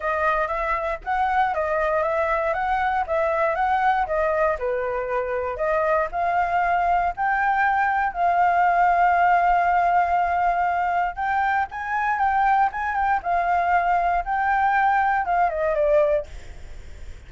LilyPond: \new Staff \with { instrumentName = "flute" } { \time 4/4 \tempo 4 = 118 dis''4 e''4 fis''4 dis''4 | e''4 fis''4 e''4 fis''4 | dis''4 b'2 dis''4 | f''2 g''2 |
f''1~ | f''2 g''4 gis''4 | g''4 gis''8 g''8 f''2 | g''2 f''8 dis''8 d''4 | }